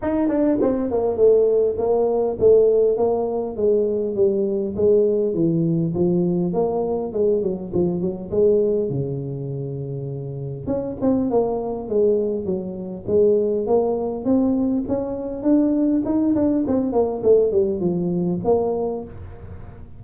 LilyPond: \new Staff \with { instrumentName = "tuba" } { \time 4/4 \tempo 4 = 101 dis'8 d'8 c'8 ais8 a4 ais4 | a4 ais4 gis4 g4 | gis4 e4 f4 ais4 | gis8 fis8 f8 fis8 gis4 cis4~ |
cis2 cis'8 c'8 ais4 | gis4 fis4 gis4 ais4 | c'4 cis'4 d'4 dis'8 d'8 | c'8 ais8 a8 g8 f4 ais4 | }